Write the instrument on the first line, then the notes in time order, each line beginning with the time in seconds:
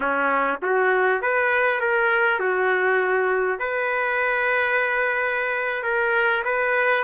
trumpet
0.00 C#4
0.62 F#4
1.21 B4
1.80 A#4
2.39 F#4
3.59 B4
5.83 A#4
6.44 B4